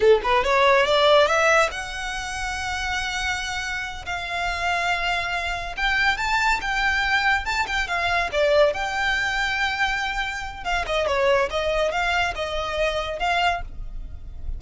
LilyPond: \new Staff \with { instrumentName = "violin" } { \time 4/4 \tempo 4 = 141 a'8 b'8 cis''4 d''4 e''4 | fis''1~ | fis''4. f''2~ f''8~ | f''4. g''4 a''4 g''8~ |
g''4. a''8 g''8 f''4 d''8~ | d''8 g''2.~ g''8~ | g''4 f''8 dis''8 cis''4 dis''4 | f''4 dis''2 f''4 | }